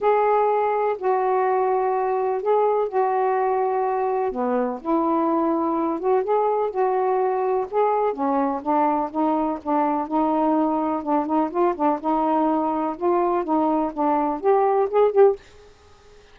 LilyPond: \new Staff \with { instrumentName = "saxophone" } { \time 4/4 \tempo 4 = 125 gis'2 fis'2~ | fis'4 gis'4 fis'2~ | fis'4 b4 e'2~ | e'8 fis'8 gis'4 fis'2 |
gis'4 cis'4 d'4 dis'4 | d'4 dis'2 d'8 dis'8 | f'8 d'8 dis'2 f'4 | dis'4 d'4 g'4 gis'8 g'8 | }